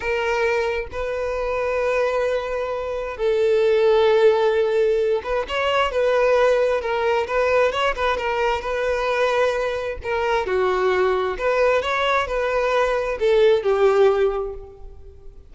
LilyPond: \new Staff \with { instrumentName = "violin" } { \time 4/4 \tempo 4 = 132 ais'2 b'2~ | b'2. a'4~ | a'2.~ a'8 b'8 | cis''4 b'2 ais'4 |
b'4 cis''8 b'8 ais'4 b'4~ | b'2 ais'4 fis'4~ | fis'4 b'4 cis''4 b'4~ | b'4 a'4 g'2 | }